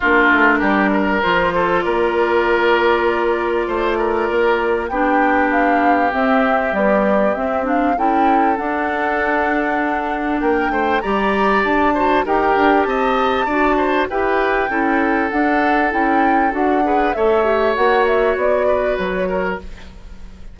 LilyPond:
<<
  \new Staff \with { instrumentName = "flute" } { \time 4/4 \tempo 4 = 98 ais'2 c''4 d''4~ | d''1 | g''4 f''4 e''4 d''4 | e''8 f''8 g''4 fis''2~ |
fis''4 g''4 ais''4 a''4 | g''4 a''2 g''4~ | g''4 fis''4 g''4 fis''4 | e''4 fis''8 e''8 d''4 cis''4 | }
  \new Staff \with { instrumentName = "oboe" } { \time 4/4 f'4 g'8 ais'4 a'8 ais'4~ | ais'2 c''8 ais'4. | g'1~ | g'4 a'2.~ |
a'4 ais'8 c''8 d''4. c''8 | ais'4 dis''4 d''8 c''8 b'4 | a'2.~ a'8 b'8 | cis''2~ cis''8 b'4 ais'8 | }
  \new Staff \with { instrumentName = "clarinet" } { \time 4/4 d'2 f'2~ | f'1 | d'2 c'4 g4 | c'8 d'8 e'4 d'2~ |
d'2 g'4. fis'8 | g'2 fis'4 g'4 | e'4 d'4 e'4 fis'8 gis'8 | a'8 g'8 fis'2. | }
  \new Staff \with { instrumentName = "bassoon" } { \time 4/4 ais8 a8 g4 f4 ais4~ | ais2 a4 ais4 | b2 c'4 b4 | c'4 cis'4 d'2~ |
d'4 ais8 a8 g4 d'4 | dis'8 d'8 c'4 d'4 e'4 | cis'4 d'4 cis'4 d'4 | a4 ais4 b4 fis4 | }
>>